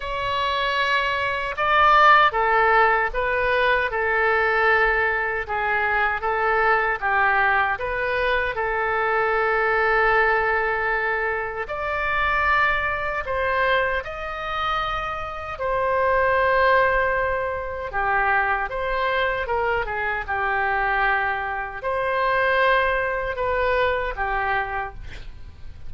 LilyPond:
\new Staff \with { instrumentName = "oboe" } { \time 4/4 \tempo 4 = 77 cis''2 d''4 a'4 | b'4 a'2 gis'4 | a'4 g'4 b'4 a'4~ | a'2. d''4~ |
d''4 c''4 dis''2 | c''2. g'4 | c''4 ais'8 gis'8 g'2 | c''2 b'4 g'4 | }